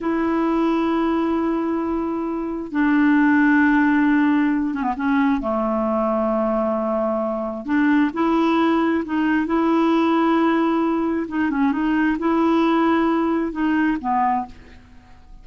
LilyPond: \new Staff \with { instrumentName = "clarinet" } { \time 4/4 \tempo 4 = 133 e'1~ | e'2 d'2~ | d'2~ d'8 cis'16 b16 cis'4 | a1~ |
a4 d'4 e'2 | dis'4 e'2.~ | e'4 dis'8 cis'8 dis'4 e'4~ | e'2 dis'4 b4 | }